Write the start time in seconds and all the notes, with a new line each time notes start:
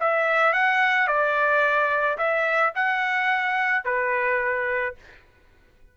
0.00 E5
0.53 F#5
1.07 D5
2.18 E5
2.75 F#5
3.85 B4